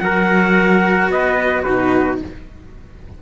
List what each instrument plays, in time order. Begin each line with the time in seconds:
0.00 cello F#3 F#4, trumpet A#4 F#5
1.09 cello B3, trumpet B4 D#5
1.63 cello B2 D#4, trumpet F#4 B4